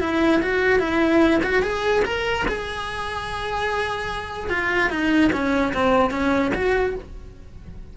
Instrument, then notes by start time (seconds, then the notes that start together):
cello
0.00 E4
0.42 F#4
0.79 E4
1.43 F#4
1.62 G#4
2.05 A#4
2.48 G#4
4.50 F4
4.90 D#4
5.32 C#4
5.73 C4
6.10 C#4
6.54 F#4